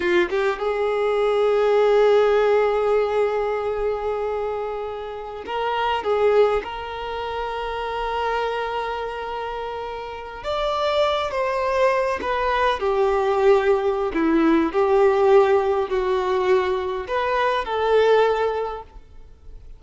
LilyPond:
\new Staff \with { instrumentName = "violin" } { \time 4/4 \tempo 4 = 102 f'8 g'8 gis'2.~ | gis'1~ | gis'4~ gis'16 ais'4 gis'4 ais'8.~ | ais'1~ |
ais'4.~ ais'16 d''4. c''8.~ | c''8. b'4 g'2~ g'16 | e'4 g'2 fis'4~ | fis'4 b'4 a'2 | }